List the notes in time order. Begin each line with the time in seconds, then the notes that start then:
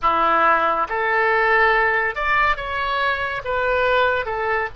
0.02 E4
0.88 A4
2.15 D5
2.56 C#5
3.44 B4
4.25 A4